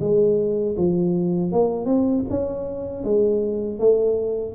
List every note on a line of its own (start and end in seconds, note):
0.00 0.76 G#3
0.76 1.52 F3
1.52 1.85 A#3
1.85 2.23 C4
2.30 3.04 C#4
3.04 3.79 G#3
3.79 4.55 A3